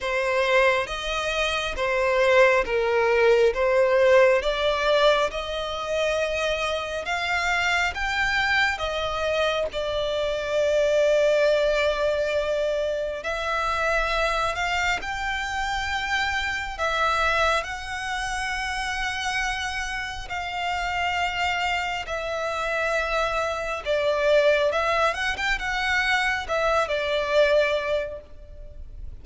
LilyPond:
\new Staff \with { instrumentName = "violin" } { \time 4/4 \tempo 4 = 68 c''4 dis''4 c''4 ais'4 | c''4 d''4 dis''2 | f''4 g''4 dis''4 d''4~ | d''2. e''4~ |
e''8 f''8 g''2 e''4 | fis''2. f''4~ | f''4 e''2 d''4 | e''8 fis''16 g''16 fis''4 e''8 d''4. | }